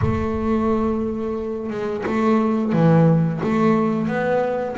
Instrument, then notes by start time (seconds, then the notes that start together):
double bass
0.01 A3
1.70 G#3
2.06 A3
2.72 E3
3.43 A3
4.07 B3